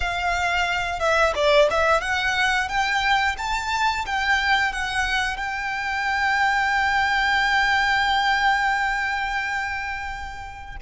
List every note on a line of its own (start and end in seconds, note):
0.00 0.99 F5
0.99 1.33 E5
1.35 1.69 D5
1.70 2.00 E5
2.00 2.68 F#5
2.68 3.36 G5
3.37 4.05 A5
4.05 4.72 G5
4.72 5.37 F#5
5.37 10.76 G5